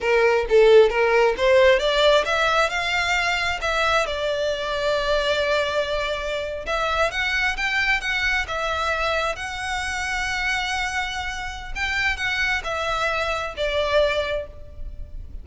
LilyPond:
\new Staff \with { instrumentName = "violin" } { \time 4/4 \tempo 4 = 133 ais'4 a'4 ais'4 c''4 | d''4 e''4 f''2 | e''4 d''2.~ | d''2~ d''8. e''4 fis''16~ |
fis''8. g''4 fis''4 e''4~ e''16~ | e''8. fis''2.~ fis''16~ | fis''2 g''4 fis''4 | e''2 d''2 | }